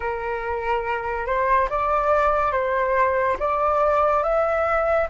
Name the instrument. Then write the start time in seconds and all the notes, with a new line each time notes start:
flute
0.00 A#4
1.26 C5
1.69 D5
2.52 C5
3.39 D5
4.23 E5